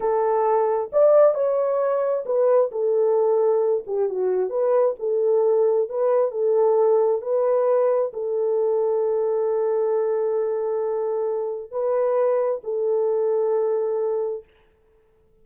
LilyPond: \new Staff \with { instrumentName = "horn" } { \time 4/4 \tempo 4 = 133 a'2 d''4 cis''4~ | cis''4 b'4 a'2~ | a'8 g'8 fis'4 b'4 a'4~ | a'4 b'4 a'2 |
b'2 a'2~ | a'1~ | a'2 b'2 | a'1 | }